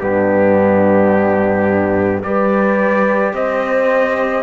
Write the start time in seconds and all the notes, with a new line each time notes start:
0.00 G2 B3 D4 G4
2.23 G3 G4 B4 D5
3.33 C4 C5 D#5